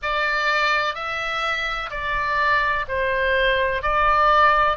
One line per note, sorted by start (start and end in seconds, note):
0.02 0.94 D5
0.94 1.90 E5
1.90 2.85 D5
2.87 3.82 C5
3.82 4.76 D5